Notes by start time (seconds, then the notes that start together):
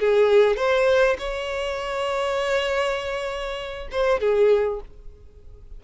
0.00 G#4
0.57 C5
1.18 C#5
3.91 C5
4.20 G#4